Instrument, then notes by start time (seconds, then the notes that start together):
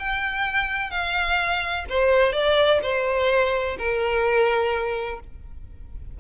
violin
0.00 G5
0.91 F5
1.90 C5
2.33 D5
2.83 C5
3.79 A#4